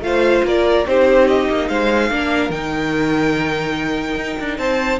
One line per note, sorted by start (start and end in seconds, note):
0.00 0.41 A3
0.00 0.86 F4
0.00 0.46 C5
0.00 0.44 F5
0.44 0.85 A#3
0.44 0.88 A#4
0.44 0.87 D5
0.86 1.48 C4
0.86 2.10 D#4
0.86 1.69 G4
0.86 1.27 C5
1.27 1.68 D#5
1.49 1.70 A#3
1.68 2.10 G#3
1.68 2.10 C5
1.68 2.50 F5
2.10 2.49 A#3
2.10 2.52 D4
2.10 4.59 A#4
2.49 4.15 D#3
2.49 4.99 D#4
2.49 4.57 G5
4.15 4.36 D#4
4.39 4.58 D4
4.58 4.99 C4
4.58 4.99 C5
4.58 4.99 A5